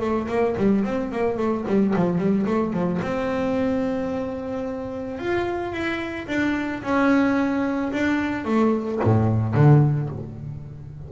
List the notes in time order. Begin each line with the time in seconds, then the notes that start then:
0.00 A3
0.28 A#3
0.57 G3
0.84 C4
1.11 A#3
1.37 A3
1.67 G3
1.96 F3
2.18 G3
2.46 A3
2.73 F3
3.02 C4
5.19 F4
5.72 E4
6.28 D4
6.83 C#4
7.92 D4
8.45 A3
9.04 A2
9.55 D3